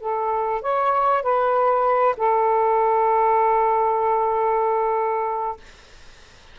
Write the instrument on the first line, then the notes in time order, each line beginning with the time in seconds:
saxophone
0.00 A4
0.62 C#5
1.23 B4
2.17 A4